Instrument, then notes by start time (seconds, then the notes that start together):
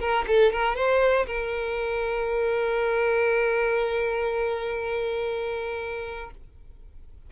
violin
0.00 A#4
0.28 A4
0.52 A#4
0.76 C5
1.27 A#4